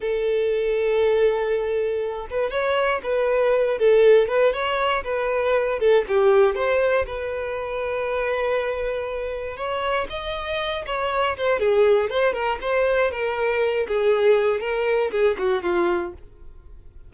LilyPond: \new Staff \with { instrumentName = "violin" } { \time 4/4 \tempo 4 = 119 a'1~ | a'8 b'8 cis''4 b'4. a'8~ | a'8 b'8 cis''4 b'4. a'8 | g'4 c''4 b'2~ |
b'2. cis''4 | dis''4. cis''4 c''8 gis'4 | c''8 ais'8 c''4 ais'4. gis'8~ | gis'4 ais'4 gis'8 fis'8 f'4 | }